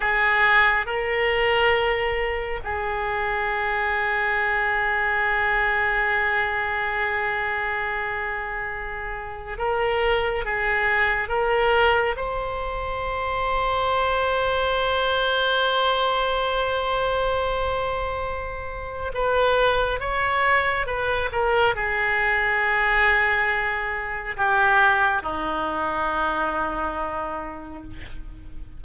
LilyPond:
\new Staff \with { instrumentName = "oboe" } { \time 4/4 \tempo 4 = 69 gis'4 ais'2 gis'4~ | gis'1~ | gis'2. ais'4 | gis'4 ais'4 c''2~ |
c''1~ | c''2 b'4 cis''4 | b'8 ais'8 gis'2. | g'4 dis'2. | }